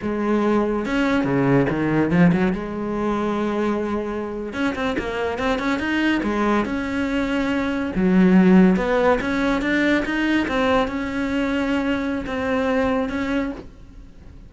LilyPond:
\new Staff \with { instrumentName = "cello" } { \time 4/4 \tempo 4 = 142 gis2 cis'4 cis4 | dis4 f8 fis8 gis2~ | gis2~ gis8. cis'8 c'8 ais16~ | ais8. c'8 cis'8 dis'4 gis4 cis'16~ |
cis'2~ cis'8. fis4~ fis16~ | fis8. b4 cis'4 d'4 dis'16~ | dis'8. c'4 cis'2~ cis'16~ | cis'4 c'2 cis'4 | }